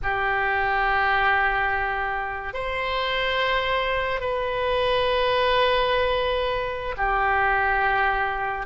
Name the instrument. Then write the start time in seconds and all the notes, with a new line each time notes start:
oboe
0.02 G4
2.53 C5
4.20 B4
6.97 G4